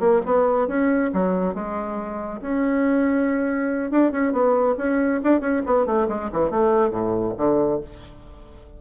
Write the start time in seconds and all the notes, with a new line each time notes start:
0.00 A#3
0.26 B3
0.68 C#4
1.13 F#3
1.55 G#3
2.42 C#4
3.91 D4
4.12 C#4
4.32 B3
4.78 C#4
5.24 D4
5.41 C#4
5.66 B3
5.86 A3
6.09 G#3
6.33 E3
6.51 A3
6.91 A2
7.37 D3